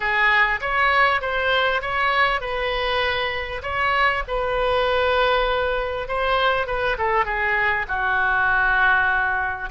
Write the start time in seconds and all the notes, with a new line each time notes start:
0.00 G#4
0.60 C#5
1.21 C5
1.81 C#5
2.40 B4
3.62 C#5
4.27 B4
6.07 C5
6.66 B4
6.98 A4
7.25 G#4
7.88 F#4